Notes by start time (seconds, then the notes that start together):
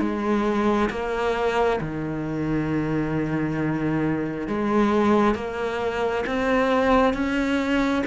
0.00 G#3
0.90 A#3
1.81 D#3
4.47 G#3
5.35 A#3
6.26 C4
7.14 C#4